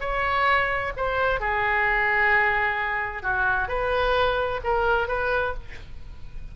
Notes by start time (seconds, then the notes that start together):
0.00 C#5
0.96 C5
1.40 G#4
3.22 F#4
3.68 B4
4.63 A#4
5.07 B4